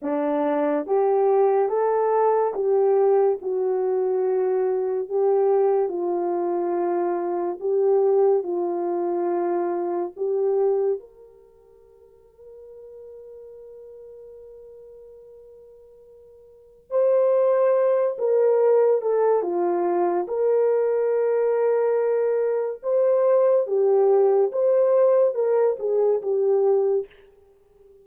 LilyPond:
\new Staff \with { instrumentName = "horn" } { \time 4/4 \tempo 4 = 71 d'4 g'4 a'4 g'4 | fis'2 g'4 f'4~ | f'4 g'4 f'2 | g'4 ais'2.~ |
ais'1 | c''4. ais'4 a'8 f'4 | ais'2. c''4 | g'4 c''4 ais'8 gis'8 g'4 | }